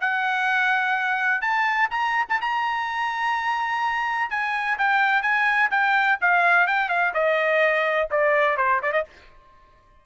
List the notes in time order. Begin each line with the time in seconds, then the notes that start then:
0.00 F#5
1.41 A5
1.90 A#5
2.28 A5
2.41 A#5
4.30 G#5
4.78 G5
5.22 G#5
5.70 G5
6.21 F5
6.66 G5
6.88 F5
7.13 D#5
8.10 D5
8.56 C5
8.82 D5
8.92 D#5